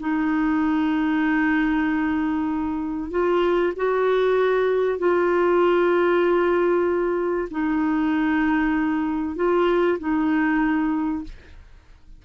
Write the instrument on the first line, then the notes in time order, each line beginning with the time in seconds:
clarinet
0.00 D#4
3.11 F4
3.76 F#4
4.99 F4
7.51 D#4
9.36 F4
9.99 D#4